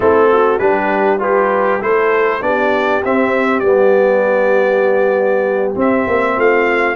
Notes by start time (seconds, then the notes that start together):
0.00 A3 C4 E4 A4
0.32 F#4
0.58 G3 D4 G4 B4
1.18 F4 G4 B4
1.80 A3 E4 A4 C5
2.41 B3 D4 G4 D5
3.04 C4 E5
3.59 G3 B3 D5
5.75 C4 E5
6.06 A#3
6.36 A3 F4 F5